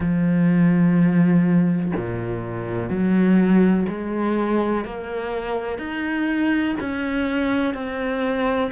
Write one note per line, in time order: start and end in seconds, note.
0.00 1.91 F3
1.96 2.89 A#2
2.89 3.86 F#3
3.88 4.84 G#3
4.84 5.78 A#3
5.78 6.75 D#4
6.80 7.74 C#4
7.74 8.71 C4